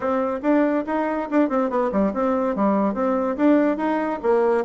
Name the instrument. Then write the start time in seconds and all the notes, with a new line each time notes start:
bassoon
0.00 C4
0.42 D4
0.86 D#4
1.30 D4
1.49 C4
1.69 B3
1.91 G3
2.13 C4
2.55 G3
2.94 C4
3.36 D4
3.77 D#4
4.22 A#3